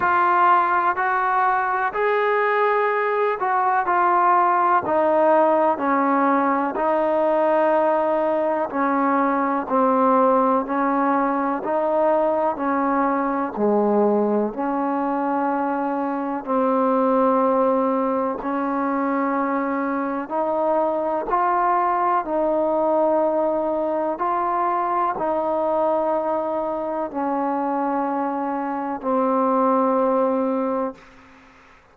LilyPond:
\new Staff \with { instrumentName = "trombone" } { \time 4/4 \tempo 4 = 62 f'4 fis'4 gis'4. fis'8 | f'4 dis'4 cis'4 dis'4~ | dis'4 cis'4 c'4 cis'4 | dis'4 cis'4 gis4 cis'4~ |
cis'4 c'2 cis'4~ | cis'4 dis'4 f'4 dis'4~ | dis'4 f'4 dis'2 | cis'2 c'2 | }